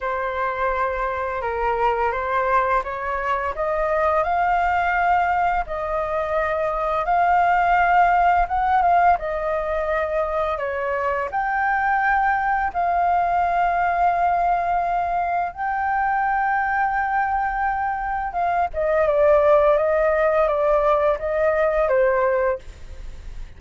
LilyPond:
\new Staff \with { instrumentName = "flute" } { \time 4/4 \tempo 4 = 85 c''2 ais'4 c''4 | cis''4 dis''4 f''2 | dis''2 f''2 | fis''8 f''8 dis''2 cis''4 |
g''2 f''2~ | f''2 g''2~ | g''2 f''8 dis''8 d''4 | dis''4 d''4 dis''4 c''4 | }